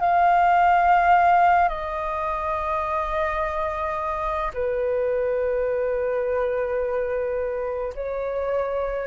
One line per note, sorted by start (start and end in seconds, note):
0.00 1.68 F5
1.68 4.51 D#5
4.54 7.93 B4
7.95 9.07 C#5